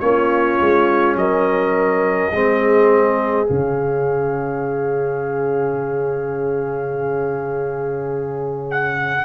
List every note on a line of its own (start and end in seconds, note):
0.00 0.59 A#3
0.00 2.32 C#4
0.00 1.19 F4
0.00 1.15 C#5
0.60 1.15 G#3
1.15 2.30 F#3
1.15 2.34 A#4
1.15 3.47 D#5
2.31 3.47 G#3
2.31 3.46 C4
2.31 9.25 G#4
3.46 9.25 C#3
3.46 9.23 C#4
3.46 8.66 F5
8.70 9.25 F#5